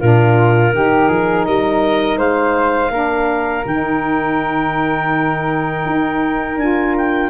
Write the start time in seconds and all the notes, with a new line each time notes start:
0.00 A#2 D4 F4 A#4
0.72 D#3 D#4 G4
1.09 F3 G#4
1.46 G3 A#4 D#5
2.17 G#3 C5 F5
2.90 A#3 D4 A#4
3.66 D#3 D#4 G5
5.86 D#4
6.57 D4 F4 G#5
6.97 G5